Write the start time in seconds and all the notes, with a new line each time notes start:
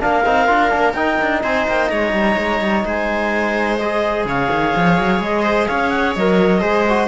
0.00 A#3 D4 A#4 F5
0.26 C4 D#4
0.47 D4 F4
0.69 A#3 D4
0.94 D#4 G5
1.21 D4
1.43 C4 C5 G#5
1.68 A#3 G5
1.88 G#3 C#5 A#5
2.13 G3
2.37 G#3
2.61 G3
2.85 G#3 C5 G#5
3.78 G#4 D#5
4.25 C#3 C#5 F5
4.51 D#3
4.76 F3
4.99 F#3
5.20 G#3 D#5
5.43 C5
5.67 C#4 C#5 F5
5.90 F#5
6.15 F#3 A#4 D#5
6.61 G#3 G#4 C5
6.89 F#4